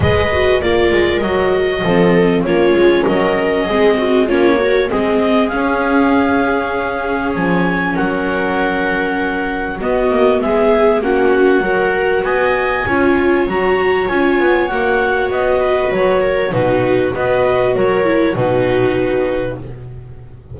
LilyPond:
<<
  \new Staff \with { instrumentName = "clarinet" } { \time 4/4 \tempo 4 = 98 dis''4 d''4 dis''2 | cis''4 dis''2 cis''4 | dis''4 f''2. | gis''4 fis''2. |
dis''4 e''4 fis''2 | gis''2 ais''4 gis''4 | fis''4 dis''4 cis''4 b'4 | dis''4 cis''4 b'2 | }
  \new Staff \with { instrumentName = "viola" } { \time 4/4 b'4 ais'2 a'4 | f'4 ais'4 gis'8 fis'8 f'8 ais'8 | gis'1~ | gis'4 ais'2. |
fis'4 gis'4 fis'4 ais'4 | dis''4 cis''2.~ | cis''4. b'4 ais'8 fis'4 | b'4 ais'4 fis'2 | }
  \new Staff \with { instrumentName = "viola" } { \time 4/4 gis'8 fis'8 f'4 fis'4 c'4 | cis'2 c'4 cis'8 fis'8 | c'4 cis'2.~ | cis'1 |
b2 cis'4 fis'4~ | fis'4 f'4 fis'4 f'4 | fis'2. dis'4 | fis'4. e'8 dis'2 | }
  \new Staff \with { instrumentName = "double bass" } { \time 4/4 gis4 ais8 gis8 fis4 f4 | ais8 gis8 fis4 gis4 ais4 | gis4 cis'2. | f4 fis2. |
b8 ais8 gis4 ais4 fis4 | b4 cis'4 fis4 cis'8 b8 | ais4 b4 fis4 b,4 | b4 fis4 b,2 | }
>>